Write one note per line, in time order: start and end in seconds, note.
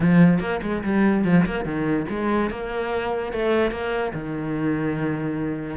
0.00 0.39 F3
0.39 0.60 A#3
0.62 0.83 G#3
0.83 1.24 G3
1.24 1.45 F3
1.45 1.64 A#3
1.64 2.06 D#3
2.09 2.50 G#3
2.50 3.32 A#3
3.32 3.71 A3
3.71 4.12 A#3
4.13 5.76 D#3